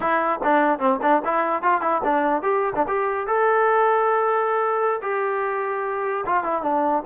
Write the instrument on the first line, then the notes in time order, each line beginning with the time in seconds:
trombone
0.00 E4
0.43 D4
0.79 C4
1.02 D4
1.24 E4
1.62 F4
1.81 E4
2.04 D4
2.42 G4
2.75 D4
2.87 G4
3.27 A4
5.02 G4
6.25 F4
6.43 E4
6.62 D4